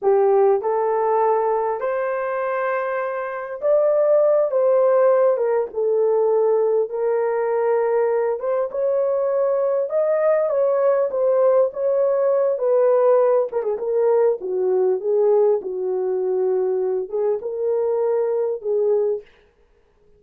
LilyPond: \new Staff \with { instrumentName = "horn" } { \time 4/4 \tempo 4 = 100 g'4 a'2 c''4~ | c''2 d''4. c''8~ | c''4 ais'8 a'2 ais'8~ | ais'2 c''8 cis''4.~ |
cis''8 dis''4 cis''4 c''4 cis''8~ | cis''4 b'4. ais'16 gis'16 ais'4 | fis'4 gis'4 fis'2~ | fis'8 gis'8 ais'2 gis'4 | }